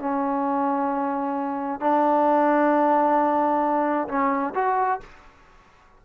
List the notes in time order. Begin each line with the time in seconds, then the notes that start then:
0.00 C#4
1.81 D4
4.09 C#4
4.55 F#4